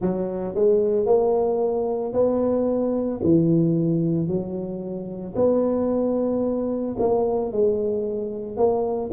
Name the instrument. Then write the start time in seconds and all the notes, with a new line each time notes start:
tuba
0.01 F#3
0.54 G#3
1.06 A#3
2.13 B3
3.22 E3
4.27 F#3
5.35 B3
6.99 A#3
7.51 G#3
8.57 A#3